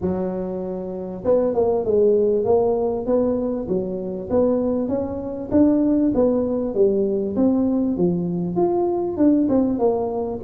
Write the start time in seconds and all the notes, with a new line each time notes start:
0.01 F#3
1.24 B3
1.54 A#3
1.84 G#3
2.44 A#3
3.06 B3
3.68 F#3
4.30 B3
4.88 C#4
5.51 D4
6.14 B3
6.74 G3
7.36 C4
7.97 F3
8.55 F4
9.17 D4
9.48 C4
9.78 A#3